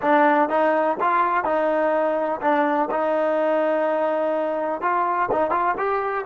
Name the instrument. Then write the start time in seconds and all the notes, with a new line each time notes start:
trombone
0.01 D4
0.49 D#4
1.00 F4
1.44 D#4
2.41 D4
2.90 D#4
4.81 F4
5.31 D#4
5.50 F4
5.77 G4